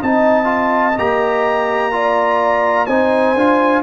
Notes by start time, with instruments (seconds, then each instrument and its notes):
0.00 tuba C4, trombone D#4, horn D#5, trumpet A5
0.45 trombone F4
0.98 tuba A#3, trombone G4, trumpet A#5
1.92 trombone F4, horn D5
2.86 tuba C4, trombone D#4, horn C5, trumpet G#5
3.35 tuba D4, trombone F4